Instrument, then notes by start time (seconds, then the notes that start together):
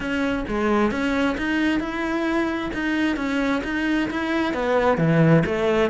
cello
0.00 C#4
0.48 G#3
0.91 C#4
1.37 D#4
1.80 E4
2.73 D#4
3.16 C#4
3.64 D#4
4.10 E4
4.53 B3
4.97 E3
5.45 A3